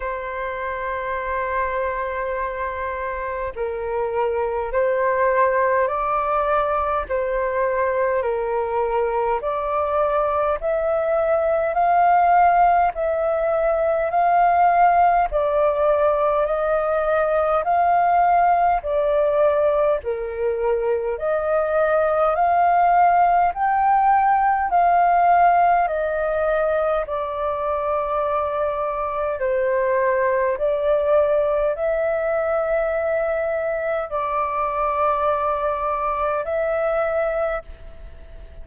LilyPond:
\new Staff \with { instrumentName = "flute" } { \time 4/4 \tempo 4 = 51 c''2. ais'4 | c''4 d''4 c''4 ais'4 | d''4 e''4 f''4 e''4 | f''4 d''4 dis''4 f''4 |
d''4 ais'4 dis''4 f''4 | g''4 f''4 dis''4 d''4~ | d''4 c''4 d''4 e''4~ | e''4 d''2 e''4 | }